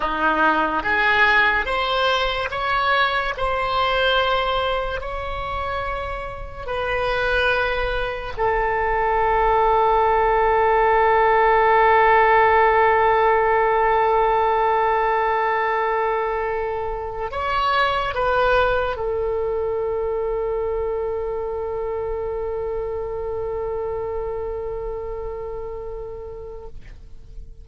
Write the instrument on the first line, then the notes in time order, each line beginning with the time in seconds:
oboe
0.00 D#4
0.83 G#4
1.65 C5
2.50 C#5
3.37 C5
5.00 C#5
6.66 B4
8.37 A4
17.31 C#5
18.14 B4
18.96 A4